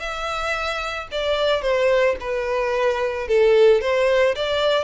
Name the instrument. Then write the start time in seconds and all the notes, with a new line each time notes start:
violin
0.00 E5
1.12 D5
1.62 C5
2.20 B4
3.28 A4
3.81 C5
4.36 D5